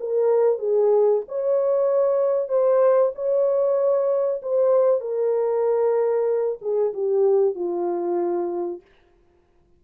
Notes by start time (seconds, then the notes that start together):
0.00 A#4
0.59 G#4
1.28 C#5
2.49 C5
3.15 C#5
4.42 C5
5.01 A#4
6.61 G#4
6.93 G4
7.55 F4